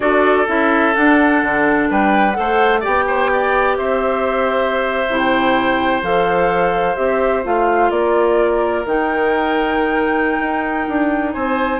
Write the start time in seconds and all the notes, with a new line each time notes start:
0.00 D4 F#4 A4 D5
0.46 C#4 E4 E5
0.94 D4 F#5
1.42 D3
1.89 G3 B4 G5
2.31 A4 F#5
2.38 A3 C5
2.80 B3 G4 D5 G5
3.07 C5
3.32 D5
3.77 C4 C5 E5
5.08 C3 E4
5.18 G5
6.02 F3 A4 F5
6.96 C4 G4 E5
7.43 A3 F4 F5
7.90 A#3 A#4 D5
8.85 D#3 D#4 G5
10.39 D#4
10.88 D4
11.33 C4 C5 G#5